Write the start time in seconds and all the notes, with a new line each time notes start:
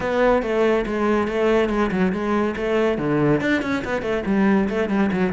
0.00 B3
0.42 A3
0.86 G#3
1.27 A3
1.69 G#3
1.91 F#3
2.12 G#3
2.56 A3
2.98 D3
3.40 D4
3.62 C#4
3.84 B3
4.02 A3
4.26 G3
4.69 A3
4.89 G3
5.12 F#3